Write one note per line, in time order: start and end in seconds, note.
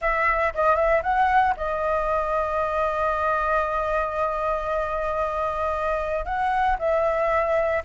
0.01 0.53 E5
0.54 0.75 D#5
0.75 1.02 E5
1.02 1.54 F#5
1.57 6.25 D#5
6.25 6.77 F#5
6.78 7.83 E5